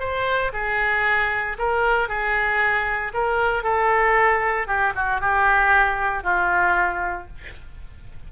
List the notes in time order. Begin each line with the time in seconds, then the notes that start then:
0.00 C5
0.53 G#4
1.59 A#4
2.09 G#4
3.14 A#4
3.64 A4
4.67 G4
4.96 F#4
5.21 G4
6.24 F4